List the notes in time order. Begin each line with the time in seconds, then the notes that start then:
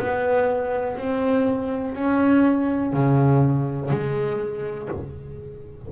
0.00 B3
0.98 C4
1.95 C#4
2.93 C#3
3.91 G#3